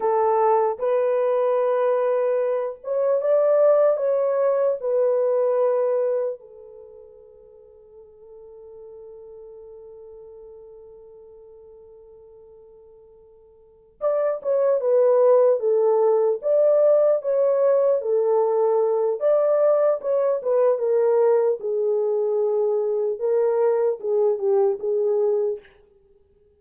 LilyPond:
\new Staff \with { instrumentName = "horn" } { \time 4/4 \tempo 4 = 75 a'4 b'2~ b'8 cis''8 | d''4 cis''4 b'2 | a'1~ | a'1~ |
a'4. d''8 cis''8 b'4 a'8~ | a'8 d''4 cis''4 a'4. | d''4 cis''8 b'8 ais'4 gis'4~ | gis'4 ais'4 gis'8 g'8 gis'4 | }